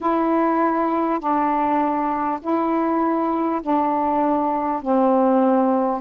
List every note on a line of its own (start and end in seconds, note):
0.00 1.19 E4
1.19 2.39 D4
2.41 3.61 E4
3.62 4.82 D4
4.82 6.01 C4